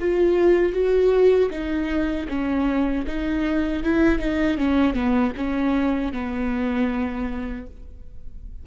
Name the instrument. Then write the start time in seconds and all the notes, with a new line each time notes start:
viola
0.00 F4
0.73 F#4
1.51 D#4
2.29 C#4
3.07 D#4
3.84 E4
4.20 D#4
4.58 C#4
4.94 B3
5.37 C#4
6.13 B3